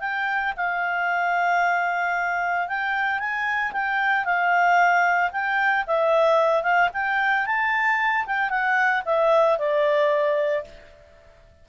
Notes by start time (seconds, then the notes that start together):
0.00 G5
0.57 F5
2.68 G5
3.19 G#5
3.73 G5
4.25 F5
5.32 G5
5.87 E5
6.63 F5
6.93 G5
7.46 A5
8.27 G5
8.50 F#5
9.05 E5
9.58 D5